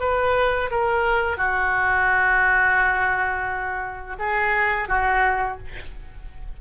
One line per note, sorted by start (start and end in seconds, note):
0.00 0.70 B4
0.71 1.37 A#4
1.37 4.16 F#4
4.19 4.88 G#4
4.88 5.58 F#4